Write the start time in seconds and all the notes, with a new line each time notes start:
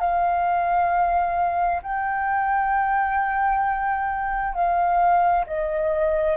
0.00 F5
1.83 G5
4.54 F5
5.46 D#5